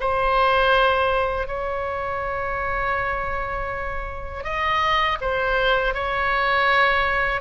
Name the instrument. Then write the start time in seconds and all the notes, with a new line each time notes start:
oboe
0.00 C5
1.47 C#5
4.44 D#5
5.21 C5
5.94 C#5